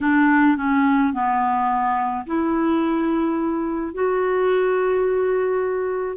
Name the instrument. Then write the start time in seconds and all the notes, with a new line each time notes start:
clarinet
0.01 D4
0.57 C#4
1.13 B3
2.26 E4
3.94 F#4